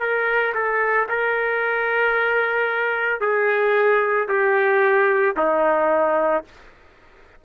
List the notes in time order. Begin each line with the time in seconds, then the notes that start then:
0.00 A#4
0.55 A4
1.09 A#4
3.21 G#4
4.29 G4
5.37 D#4